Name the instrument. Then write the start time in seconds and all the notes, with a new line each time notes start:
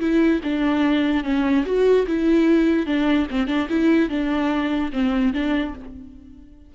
viola
0.00 E4
0.44 D4
1.24 C#4
1.66 F#4
2.07 E4
2.87 D4
3.31 C4
3.48 D4
3.69 E4
4.10 D4
4.93 C4
5.34 D4